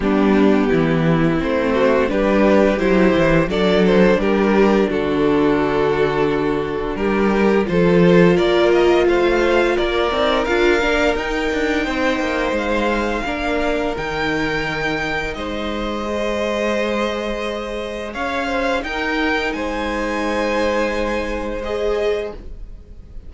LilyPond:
<<
  \new Staff \with { instrumentName = "violin" } { \time 4/4 \tempo 4 = 86 g'2 c''4 b'4 | c''4 d''8 c''8 ais'4 a'4~ | a'2 ais'4 c''4 | d''8 dis''8 f''4 d''4 f''4 |
g''2 f''2 | g''2 dis''2~ | dis''2 f''4 g''4 | gis''2. dis''4 | }
  \new Staff \with { instrumentName = "violin" } { \time 4/4 d'4 e'4. fis'8 g'4~ | g'4 a'4 g'4 fis'4~ | fis'2 g'4 a'4 | ais'4 c''4 ais'2~ |
ais'4 c''2 ais'4~ | ais'2 c''2~ | c''2 cis''8 c''8 ais'4 | c''1 | }
  \new Staff \with { instrumentName = "viola" } { \time 4/4 b2 c'4 d'4 | e'4 d'2.~ | d'2. f'4~ | f'2~ f'8 dis'8 f'8 d'8 |
dis'2. d'4 | dis'2. gis'4~ | gis'2. dis'4~ | dis'2. gis'4 | }
  \new Staff \with { instrumentName = "cello" } { \time 4/4 g4 e4 a4 g4 | fis8 e8 fis4 g4 d4~ | d2 g4 f4 | ais4 a4 ais8 c'8 d'8 ais8 |
dis'8 d'8 c'8 ais8 gis4 ais4 | dis2 gis2~ | gis2 cis'4 dis'4 | gis1 | }
>>